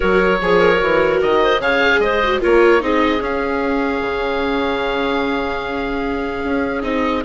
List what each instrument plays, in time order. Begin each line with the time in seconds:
0.00 bassoon F#3, viola F#4, clarinet A#4, oboe C#5
0.41 bassoon F3, clarinet G#4, viola G#4
0.58 clarinet A#4
0.77 bassoon E3, viola F#4
1.22 bassoon D#3, oboe D#5
1.42 clarinet C5
1.59 bassoon C#3, viola G#4, clarinet C#5, oboe F5
1.99 bassoon G#3, clarinet C5, oboe D#5
2.23 viola F#4
2.40 bassoon A#3, viola F4, clarinet A#4, oboe C#5
2.80 bassoon C4, viola D#4, clarinet G#4, oboe D#5
3.20 bassoon C#4, viola C#4, oboe F5
4.01 bassoon C#3
6.44 bassoon C#4
6.82 bassoon C4, viola D#4, oboe D#5